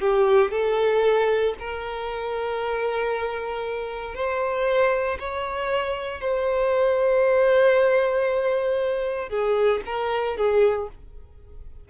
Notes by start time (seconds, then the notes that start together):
0.00 G4
0.51 A4
1.59 A#4
4.15 C5
5.19 C#5
6.21 C5
9.29 G#4
9.86 A#4
10.37 G#4